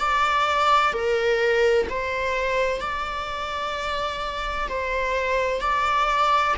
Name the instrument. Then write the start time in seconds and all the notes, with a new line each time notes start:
viola
0.00 D5
0.93 A#4
1.90 C5
2.81 D5
4.69 C5
5.61 D5